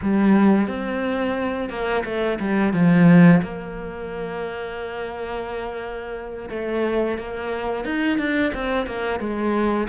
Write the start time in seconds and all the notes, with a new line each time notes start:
0.02 G3
0.67 C4
1.69 A#3
2.05 A3
2.39 G3
2.73 F3
3.42 A#3
6.49 A3
7.18 A#3
7.84 D#4
8.18 D4
8.54 C4
8.86 A#3
9.19 G#3